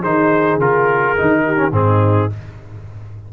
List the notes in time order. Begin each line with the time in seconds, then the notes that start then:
0.00 D#3 D#4 G#4 C5
0.57 C#3 F4 A#4
1.17 D#3 D#4
1.46 G4
1.57 C#4
1.72 G#2 C4 D#4 G#4